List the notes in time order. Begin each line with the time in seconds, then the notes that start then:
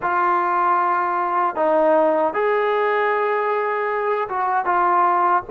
0.02 F4
1.55 D#4
2.33 G#4
4.29 F#4
4.65 F4